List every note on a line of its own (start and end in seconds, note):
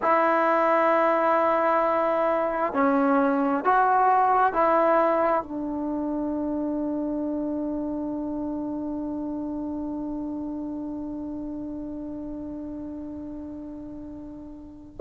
0.02 2.73 E4
2.73 3.64 C#4
3.64 4.52 F#4
4.52 5.43 E4
5.43 14.97 D4